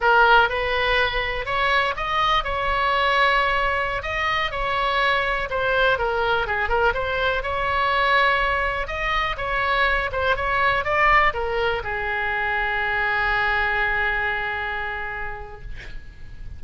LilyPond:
\new Staff \with { instrumentName = "oboe" } { \time 4/4 \tempo 4 = 123 ais'4 b'2 cis''4 | dis''4 cis''2.~ | cis''16 dis''4 cis''2 c''8.~ | c''16 ais'4 gis'8 ais'8 c''4 cis''8.~ |
cis''2~ cis''16 dis''4 cis''8.~ | cis''8. c''8 cis''4 d''4 ais'8.~ | ais'16 gis'2.~ gis'8.~ | gis'1 | }